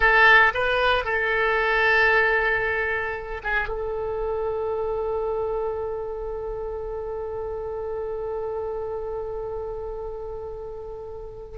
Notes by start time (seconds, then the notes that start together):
0.00 A4
0.54 B4
1.04 A4
3.43 G#4
3.68 A4